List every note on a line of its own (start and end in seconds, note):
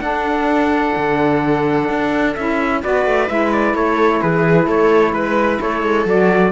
0.00 0.93 D4
0.00 2.34 D4
0.00 2.81 A4
0.00 2.34 F#5
0.97 1.90 D3
1.90 2.36 D4
2.35 2.84 C#4
2.35 2.82 E4
2.35 2.82 E5
2.82 3.06 B3
2.82 3.28 F#4
2.82 3.76 B4
2.82 3.29 D5
3.06 3.29 A3
3.28 3.74 G#3
3.28 6.07 E4
3.28 3.52 E5
3.53 3.76 D5
3.74 4.21 A3
3.74 4.21 A4
3.74 4.22 C#5
4.21 4.67 E3
4.21 4.68 G#4
4.21 4.68 B4
4.67 5.13 A3
4.67 5.14 A4
4.67 5.14 C#5
5.13 5.59 G#3
5.13 5.60 B4
5.13 5.61 B4
5.61 5.82 A3
5.61 6.52 A4
5.61 6.08 C#5
5.82 6.06 G#3
6.06 6.52 F#3
6.06 6.52 F#4
6.06 6.52 D5